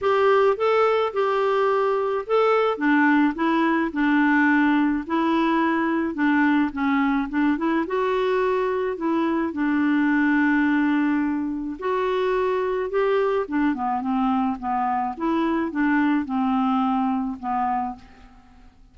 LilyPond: \new Staff \with { instrumentName = "clarinet" } { \time 4/4 \tempo 4 = 107 g'4 a'4 g'2 | a'4 d'4 e'4 d'4~ | d'4 e'2 d'4 | cis'4 d'8 e'8 fis'2 |
e'4 d'2.~ | d'4 fis'2 g'4 | d'8 b8 c'4 b4 e'4 | d'4 c'2 b4 | }